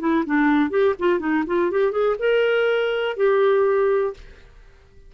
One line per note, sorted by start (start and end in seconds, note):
0.00 0.24 E4
0.26 0.71 D4
0.71 0.95 G4
0.99 1.20 F4
1.20 1.44 D#4
1.47 1.71 F4
1.71 1.92 G4
1.92 2.16 G#4
2.19 3.17 A#4
3.17 4.14 G4